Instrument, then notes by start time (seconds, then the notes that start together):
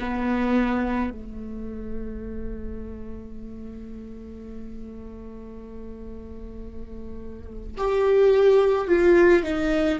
viola
0.00 B3
1.11 A3
7.78 G4
8.88 F4
9.43 D#4